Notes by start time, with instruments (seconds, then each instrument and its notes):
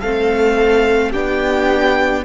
0.00 cello A3, viola C4, violin A4 F5
1.11 cello B3, viola D4, violin G4 G5